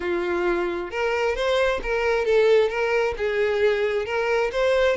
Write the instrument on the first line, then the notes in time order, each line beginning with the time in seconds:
violin
0.00 F4
0.90 A#4
1.35 C5
1.83 A#4
2.25 A4
2.69 A#4
3.17 G#4
4.05 A#4
4.52 C5